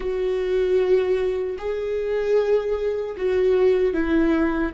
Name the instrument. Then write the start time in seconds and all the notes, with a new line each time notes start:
viola
0.00 F#4
1.58 G#4
3.16 F#4
3.93 E4